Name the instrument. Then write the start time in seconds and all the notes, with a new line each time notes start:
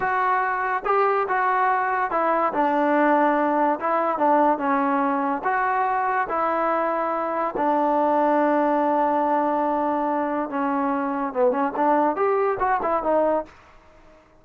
trombone
0.00 F#4
0.85 G4
1.28 F#4
2.10 E4
2.53 D4
3.79 E4
4.18 D4
4.58 C#4
5.43 F#4
6.28 E4
7.57 D4
10.49 C#4
11.33 B3
11.51 C#4
11.76 D4
12.15 G4
12.59 F#4
12.82 E4
13.03 D#4